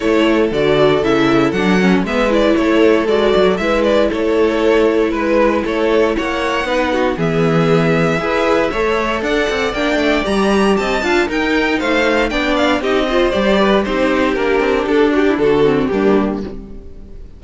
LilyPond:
<<
  \new Staff \with { instrumentName = "violin" } { \time 4/4 \tempo 4 = 117 cis''4 d''4 e''4 fis''4 | e''8 d''8 cis''4 d''4 e''8 d''8 | cis''2 b'4 cis''4 | fis''2 e''2~ |
e''2 fis''4 g''4 | ais''4 a''4 g''4 f''4 | g''8 f''8 dis''4 d''4 c''4 | ais'4 a'8 g'8 a'4 g'4 | }
  \new Staff \with { instrumentName = "violin" } { \time 4/4 a'1 | b'4 a'2 b'4 | a'2 b'4 a'4 | cis''4 b'8 fis'8 gis'2 |
b'4 cis''4 d''2~ | d''4 dis''8 f''8 ais'4 c''4 | d''4 g'8 c''4 b'8 g'4~ | g'4. fis'16 e'16 fis'4 d'4 | }
  \new Staff \with { instrumentName = "viola" } { \time 4/4 e'4 fis'4 e'4 d'8 cis'8 | b8 e'4. fis'4 e'4~ | e'1~ | e'4 dis'4 b2 |
gis'4 a'2 d'4 | g'4. f'8 dis'2 | d'4 dis'8 f'8 g'4 dis'4 | d'2~ d'8 c'8 ais4 | }
  \new Staff \with { instrumentName = "cello" } { \time 4/4 a4 d4 cis4 fis4 | gis4 a4 gis8 fis8 gis4 | a2 gis4 a4 | ais4 b4 e2 |
e'4 a4 d'8 c'8 ais8 a8 | g4 c'8 d'8 dis'4 a4 | b4 c'4 g4 c'4 | ais8 c'8 d'4 d4 g4 | }
>>